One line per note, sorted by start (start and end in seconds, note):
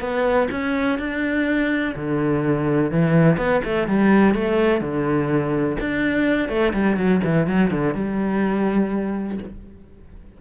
0.00 0.48 B3
0.51 0.98 C#4
0.98 1.94 D4
1.95 2.91 D3
2.91 3.37 E3
3.37 3.61 B3
3.64 3.87 A3
3.87 4.34 G3
4.34 4.80 A3
4.80 5.76 D3
5.80 6.48 D4
6.48 6.72 A3
6.73 6.97 G3
6.97 7.21 F#3
7.24 7.47 E3
7.47 7.71 F#3
7.71 7.94 D3
7.94 9.38 G3